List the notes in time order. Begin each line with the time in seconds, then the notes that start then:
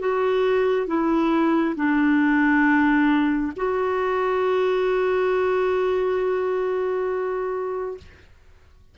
0.00 F#4
0.87 E4
1.76 D4
3.57 F#4